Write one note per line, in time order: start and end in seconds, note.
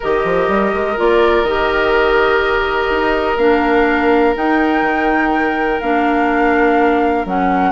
0.00 0.24 D#3
0.00 0.97 G4
0.00 7.71 A#4
0.00 0.99 D#5
0.24 0.48 F3
0.48 0.72 G3
0.73 0.97 G#3
0.97 1.42 A#3
0.97 1.45 F4
0.97 1.44 D5
1.42 2.87 D#3
1.42 3.39 G4
1.42 3.37 D#5
2.90 3.37 D#4
3.37 4.34 A#3
3.37 4.35 D4
3.37 4.34 F5
4.35 5.80 D#4
4.35 4.81 D#4
4.35 5.80 G5
4.81 5.78 D#3
5.80 7.25 A#3
5.80 7.26 D4
5.80 7.25 F5
7.25 7.71 F#3
7.25 7.71 C#4
7.25 7.71 F#5